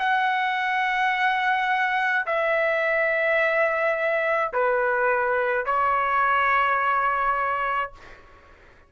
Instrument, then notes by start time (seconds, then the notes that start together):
trumpet
0.00 F#5
2.26 E5
4.53 B4
5.66 C#5